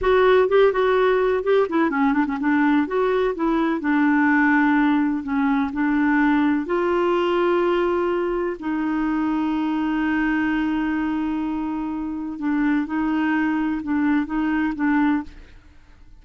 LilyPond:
\new Staff \with { instrumentName = "clarinet" } { \time 4/4 \tempo 4 = 126 fis'4 g'8 fis'4. g'8 e'8 | cis'8 d'16 cis'16 d'4 fis'4 e'4 | d'2. cis'4 | d'2 f'2~ |
f'2 dis'2~ | dis'1~ | dis'2 d'4 dis'4~ | dis'4 d'4 dis'4 d'4 | }